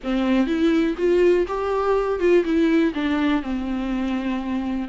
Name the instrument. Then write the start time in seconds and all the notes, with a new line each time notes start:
viola
0.03 C4
0.46 E4
0.97 F4
1.47 G4
2.19 F4
2.44 E4
2.94 D4
3.42 C4